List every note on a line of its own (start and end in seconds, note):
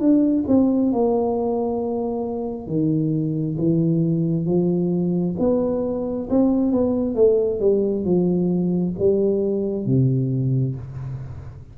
0.00 0.45 D4
0.48 0.93 C4
0.93 2.67 A#3
2.67 3.57 D#3
3.58 4.46 E3
4.46 5.36 F3
5.39 6.29 B3
6.30 6.72 C4
6.72 7.16 B3
7.16 7.60 A3
7.60 8.05 G3
8.05 8.95 F3
8.99 9.86 G3
9.86 10.75 C3